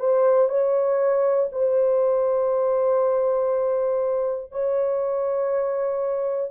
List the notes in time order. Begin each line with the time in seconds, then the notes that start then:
0.00 C5
0.49 C#5
1.53 C5
4.52 C#5